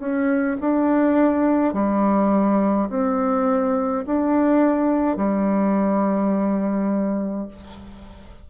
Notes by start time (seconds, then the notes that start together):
0.00 C#4
0.61 D4
1.74 G3
2.90 C4
4.06 D4
5.17 G3